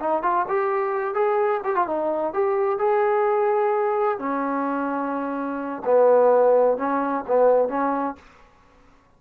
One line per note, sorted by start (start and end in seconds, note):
0.00 0.23 D#4
0.23 0.46 F4
0.49 1.14 G4
1.14 1.61 G#4
1.64 1.76 G4
1.76 1.87 F4
1.87 2.34 D#4
2.34 2.79 G4
2.79 4.19 G#4
4.19 5.83 C#4
5.85 6.78 B3
6.78 7.25 C#4
7.28 7.69 B3
7.69 8.16 C#4